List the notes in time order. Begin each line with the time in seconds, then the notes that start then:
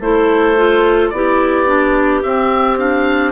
0.00 A3 E4 A4 C5
0.56 F4
1.10 B3 E4 G4 D5
1.66 D4
2.23 C4 E5
2.78 D4 F5